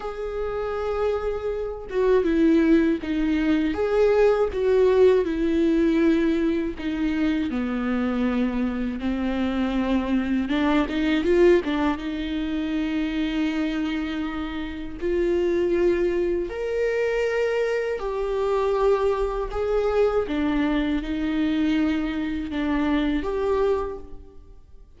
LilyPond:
\new Staff \with { instrumentName = "viola" } { \time 4/4 \tempo 4 = 80 gis'2~ gis'8 fis'8 e'4 | dis'4 gis'4 fis'4 e'4~ | e'4 dis'4 b2 | c'2 d'8 dis'8 f'8 d'8 |
dis'1 | f'2 ais'2 | g'2 gis'4 d'4 | dis'2 d'4 g'4 | }